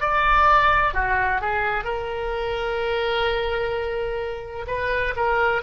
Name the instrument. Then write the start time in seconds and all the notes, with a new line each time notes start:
oboe
0.00 D5
0.94 F#4
1.41 G#4
1.85 A#4
4.67 B4
5.16 A#4